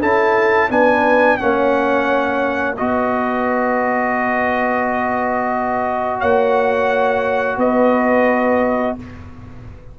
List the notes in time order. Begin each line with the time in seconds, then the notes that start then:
0.00 C#4 E4 A4 A5
0.70 B3 D4 B4 G#5
1.38 A#3 C#4 C#5 F#5
2.77 B3 F#4 B4 D#5
6.20 A#3 C#5 F#5
7.57 B3 B4 D#5